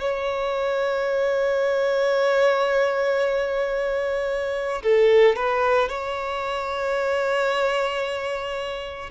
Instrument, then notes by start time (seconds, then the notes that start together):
violin
0.00 C#5
4.83 A4
5.36 B4
5.89 C#5